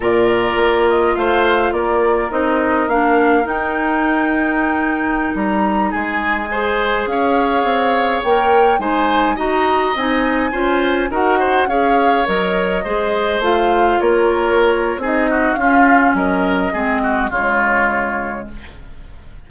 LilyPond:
<<
  \new Staff \with { instrumentName = "flute" } { \time 4/4 \tempo 4 = 104 d''4. dis''8 f''4 d''4 | dis''4 f''4 g''2~ | g''4~ g''16 ais''4 gis''4.~ gis''16~ | gis''16 f''2 g''4 gis''8.~ |
gis''16 ais''4 gis''2 fis''8.~ | fis''16 f''4 dis''2 f''8.~ | f''16 cis''4.~ cis''16 dis''4 f''4 | dis''2 cis''2 | }
  \new Staff \with { instrumentName = "oboe" } { \time 4/4 ais'2 c''4 ais'4~ | ais'1~ | ais'2~ ais'16 gis'4 c''8.~ | c''16 cis''2. c''8.~ |
c''16 dis''2 c''4 ais'8 c''16~ | c''16 cis''2 c''4.~ c''16~ | c''16 ais'4.~ ais'16 gis'8 fis'8 f'4 | ais'4 gis'8 fis'8 f'2 | }
  \new Staff \with { instrumentName = "clarinet" } { \time 4/4 f'1 | dis'4 d'4 dis'2~ | dis'2.~ dis'16 gis'8.~ | gis'2~ gis'16 ais'4 dis'8.~ |
dis'16 fis'4 dis'4 f'4 fis'8.~ | fis'16 gis'4 ais'4 gis'4 f'8.~ | f'2 dis'4 cis'4~ | cis'4 c'4 gis2 | }
  \new Staff \with { instrumentName = "bassoon" } { \time 4/4 ais,4 ais4 a4 ais4 | c'4 ais4 dis'2~ | dis'4~ dis'16 g4 gis4.~ gis16~ | gis16 cis'4 c'4 ais4 gis8.~ |
gis16 dis'4 c'4 cis'4 dis'8.~ | dis'16 cis'4 fis4 gis4 a8.~ | a16 ais4.~ ais16 c'4 cis'4 | fis4 gis4 cis2 | }
>>